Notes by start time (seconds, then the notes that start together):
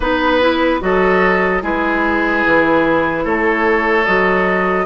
0.00 B3 D#4 B4
0.40 E4
0.80 F#3 F#4 A4 D#5
1.61 G#3 E4 G#4 B4
2.45 E3
3.24 A3 A4 C#5
4.05 F#3 F#4 D#5